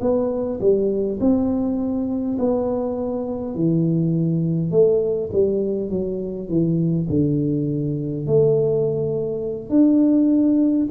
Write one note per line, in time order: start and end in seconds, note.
0.00 0.59 B3
0.60 1.19 G3
1.20 2.37 C4
2.38 3.55 B3
3.55 4.71 E3
4.71 5.29 A3
5.32 5.89 G3
5.89 6.48 F#3
6.48 7.07 E3
7.09 8.26 D3
8.26 9.69 A3
9.69 10.87 D4